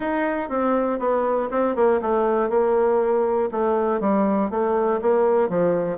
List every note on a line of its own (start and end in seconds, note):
0.00 0.49 D#4
0.49 0.99 C4
0.99 1.49 B3
1.50 1.75 C4
1.75 2.00 A#3
2.01 2.49 A3
2.49 3.49 A#3
3.51 4.00 A3
4.00 4.50 G3
4.50 5.00 A3
5.01 5.49 A#3
5.49 5.97 F3